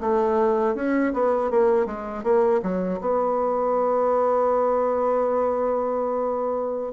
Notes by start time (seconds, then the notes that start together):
0.00 A3
0.75 C#4
1.13 B3
1.50 A#3
1.85 G#3
2.23 A#3
2.62 F#3
3.00 B3